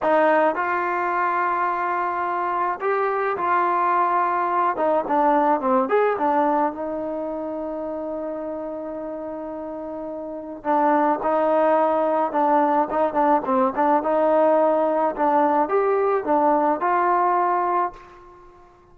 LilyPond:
\new Staff \with { instrumentName = "trombone" } { \time 4/4 \tempo 4 = 107 dis'4 f'2.~ | f'4 g'4 f'2~ | f'8 dis'8 d'4 c'8 gis'8 d'4 | dis'1~ |
dis'2. d'4 | dis'2 d'4 dis'8 d'8 | c'8 d'8 dis'2 d'4 | g'4 d'4 f'2 | }